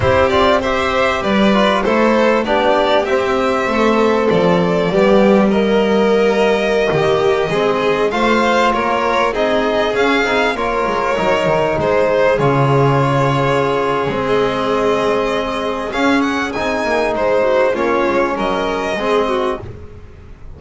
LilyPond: <<
  \new Staff \with { instrumentName = "violin" } { \time 4/4 \tempo 4 = 98 c''8 d''8 e''4 d''4 c''4 | d''4 e''2 d''4~ | d''4 dis''2.~ | dis''4~ dis''16 f''4 cis''4 dis''8.~ |
dis''16 f''4 cis''2 c''8.~ | c''16 cis''2. dis''8.~ | dis''2 f''8 fis''8 gis''4 | c''4 cis''4 dis''2 | }
  \new Staff \with { instrumentName = "violin" } { \time 4/4 g'4 c''4 b'4 a'4 | g'2 a'2 | g'4 ais'2~ ais'16 g'8.~ | g'16 gis'4 c''4 ais'4 gis'8.~ |
gis'4~ gis'16 ais'2 gis'8.~ | gis'1~ | gis'1~ | gis'8 fis'8 f'4 ais'4 gis'8 fis'8 | }
  \new Staff \with { instrumentName = "trombone" } { \time 4/4 e'8 f'8 g'4. f'8 e'4 | d'4 c'2. | b4 ais2.~ | ais16 c'4 f'2 dis'8.~ |
dis'16 cis'8 dis'8 f'4 dis'4.~ dis'16~ | dis'16 f'2~ f'8. c'4~ | c'2 cis'4 dis'4~ | dis'4 cis'2 c'4 | }
  \new Staff \with { instrumentName = "double bass" } { \time 4/4 c'2 g4 a4 | b4 c'4 a4 f4 | g2.~ g16 dis8.~ | dis16 gis4 a4 ais4 c'8.~ |
c'16 cis'8 c'8 ais8 gis8 fis8 dis8 gis8.~ | gis16 cis2~ cis8. gis4~ | gis2 cis'4 c'8 ais8 | gis4 ais8 gis8 fis4 gis4 | }
>>